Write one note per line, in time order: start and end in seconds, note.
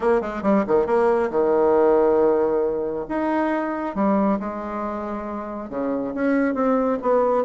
0.00 0.21 A#3
0.21 0.42 G#3
0.42 0.64 G3
0.67 0.86 D#3
0.86 1.30 A#3
1.30 3.05 D#3
3.08 3.95 D#4
3.95 4.39 G3
4.39 5.69 G#3
5.69 6.13 C#3
6.14 6.54 C#4
6.54 6.98 C4
7.02 7.44 B3